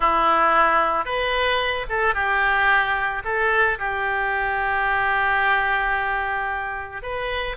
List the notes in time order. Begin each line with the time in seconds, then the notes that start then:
0.00 E4
1.05 B4
1.89 A4
2.14 G4
3.24 A4
3.78 G4
7.02 B4